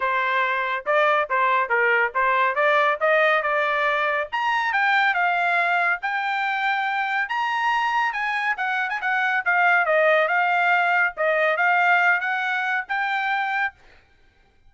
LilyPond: \new Staff \with { instrumentName = "trumpet" } { \time 4/4 \tempo 4 = 140 c''2 d''4 c''4 | ais'4 c''4 d''4 dis''4 | d''2 ais''4 g''4 | f''2 g''2~ |
g''4 ais''2 gis''4 | fis''8. gis''16 fis''4 f''4 dis''4 | f''2 dis''4 f''4~ | f''8 fis''4. g''2 | }